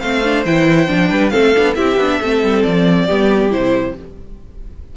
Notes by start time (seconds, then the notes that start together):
0.00 A3 C4 C5 F5
0.24 D4
0.45 E3 E4 G5
0.87 F3 D4
1.10 G3 B4
1.30 A3 C4 A4 F5
1.55 B3 D4
1.75 C4 E4 G4 E5
1.97 B3 D4
2.19 A3 C4 A4
2.43 G3
2.63 F3 D5
3.06 G3 B3 G4
3.50 C3 E4 C5